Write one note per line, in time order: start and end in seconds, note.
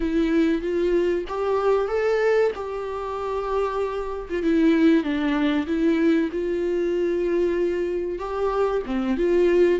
0.00 0.61 E4
0.61 1.25 F4
1.27 1.88 G4
1.88 2.51 A4
2.55 4.29 G4
4.29 4.42 F4
4.42 5.03 E4
5.03 5.66 D4
5.67 6.30 E4
6.32 8.18 F4
8.18 8.82 G4
8.86 9.17 C4
9.17 9.80 F4